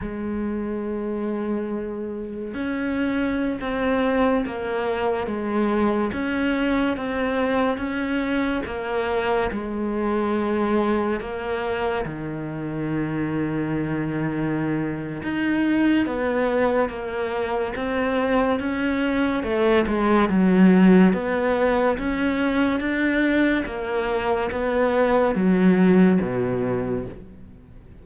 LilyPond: \new Staff \with { instrumentName = "cello" } { \time 4/4 \tempo 4 = 71 gis2. cis'4~ | cis'16 c'4 ais4 gis4 cis'8.~ | cis'16 c'4 cis'4 ais4 gis8.~ | gis4~ gis16 ais4 dis4.~ dis16~ |
dis2 dis'4 b4 | ais4 c'4 cis'4 a8 gis8 | fis4 b4 cis'4 d'4 | ais4 b4 fis4 b,4 | }